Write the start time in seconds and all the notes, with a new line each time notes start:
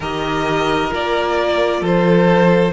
0.00 D#3 G4 A#4 D#5
0.90 A#3 F4 D5
1.81 F3 A4 C5